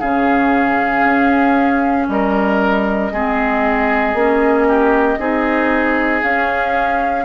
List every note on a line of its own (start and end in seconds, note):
0.00 1.05 C#3
0.00 3.13 C#4
0.00 2.07 G#4
0.00 2.07 F5
1.05 2.08 C#4
2.08 3.12 G3
2.08 3.13 A#4
2.08 6.23 D#5
3.13 4.14 G#3
3.13 4.16 C4
3.13 4.68 G#4
4.14 5.17 A#3
4.14 5.19 C#4
4.68 5.19 G4
5.19 6.23 C4
5.19 6.22 D#4
5.19 7.25 G#4
6.22 7.25 C#4
6.22 7.25 F5